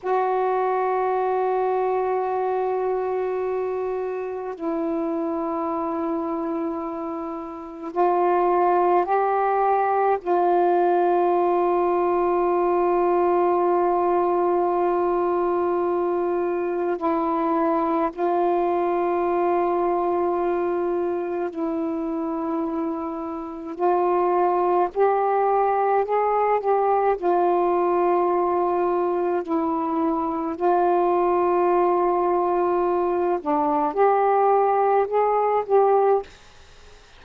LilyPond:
\new Staff \with { instrumentName = "saxophone" } { \time 4/4 \tempo 4 = 53 fis'1 | e'2. f'4 | g'4 f'2.~ | f'2. e'4 |
f'2. e'4~ | e'4 f'4 g'4 gis'8 g'8 | f'2 e'4 f'4~ | f'4. d'8 g'4 gis'8 g'8 | }